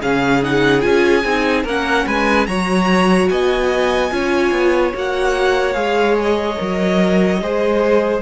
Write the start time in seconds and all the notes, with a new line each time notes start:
0.00 C#3 C#4 G#4 F5
0.43 D#4 F#5
0.81 C#4 F4 G#5
1.23 C4 D#4
1.64 A#3 C#4 A#4 F#5
2.06 G#3 B4 G#5
2.46 F#3 F#4 C#5 A#5
3.29 B3 D#5 G#5
4.10 C#4 F4 C#5
4.51 B3
4.94 A#3 F#4 F#5
5.73 G#3 G#4 F5
6.21 D#5
6.57 F#3 A#4
7.41 G#3 G#4 C5